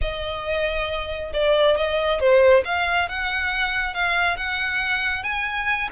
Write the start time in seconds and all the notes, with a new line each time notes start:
0.01 D#5
1.33 D5
1.76 D#5
2.20 C5
2.65 F5
3.09 F#5
3.94 F5
4.37 F#5
5.23 G#5